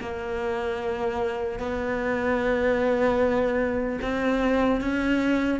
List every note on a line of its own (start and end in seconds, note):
0.00 1.59 A#3
1.59 3.99 B3
4.01 4.81 C4
4.81 5.60 C#4